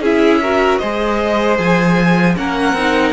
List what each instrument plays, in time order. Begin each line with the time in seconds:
0.00 cello C#4, viola E4, violin G#4 E5
0.41 viola F#4, violin A#4
0.78 cello G#3, viola G#4, violin C5 D#5
1.58 cello F3, violin G#5
2.36 cello A#3, viola C#4, violin A#4 F#5
2.73 cello C4, viola D#4